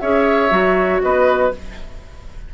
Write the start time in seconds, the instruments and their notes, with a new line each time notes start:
0.00 bassoon C#4, clarinet G#4, oboe C#5, flute E5
0.50 bassoon F#3, clarinet F#4
1.02 bassoon B3, oboe B4, flute D#5